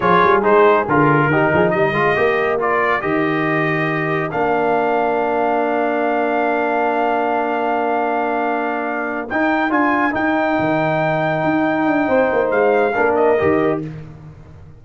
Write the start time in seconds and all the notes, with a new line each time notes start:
0.00 F3 F4 G#4 C#5
0.23 G3
0.42 G#3 D#4 C5
0.87 D3 F4 A#4
1.27 D#3 D#4 G4
1.53 F3 G#4
1.70 G3 A#4 D#5
1.92 G#3 F4
2.15 A#3 G4
2.59 F4 D5
3.01 D#3 G4 D#5
4.31 A#3 D4 F5
9.29 D#4 G5
9.70 D4 F4 G#5
10.11 D#4 G5
10.59 D#3
11.43 D#4
11.86 D4
12.07 C4 C5
12.32 A#3
12.50 G#3 F5
12.94 A#3 D4 A#4
13.15 D#5
13.38 D#3 G4